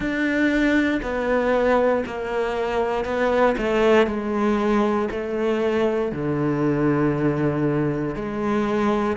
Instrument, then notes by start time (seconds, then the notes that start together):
cello
0.00 D4
1.02 B3
2.06 A#3
3.05 B3
3.57 A3
4.07 G#3
5.11 A3
6.12 D3
8.14 G#3